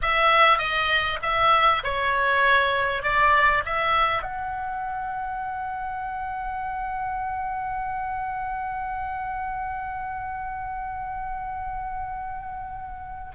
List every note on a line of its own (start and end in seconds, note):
0.02 0.58 E5
0.58 1.18 D#5
1.22 1.83 E5
1.83 3.02 C#5
3.02 3.63 D5
3.65 4.22 E5
4.22 13.31 F#5